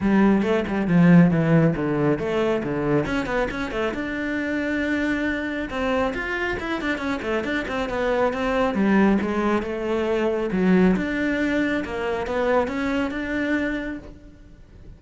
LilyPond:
\new Staff \with { instrumentName = "cello" } { \time 4/4 \tempo 4 = 137 g4 a8 g8 f4 e4 | d4 a4 d4 cis'8 b8 | cis'8 a8 d'2.~ | d'4 c'4 f'4 e'8 d'8 |
cis'8 a8 d'8 c'8 b4 c'4 | g4 gis4 a2 | fis4 d'2 ais4 | b4 cis'4 d'2 | }